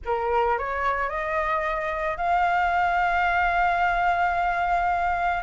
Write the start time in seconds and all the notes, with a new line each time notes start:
0.05 A#4
0.58 C#5
1.09 D#5
2.17 F5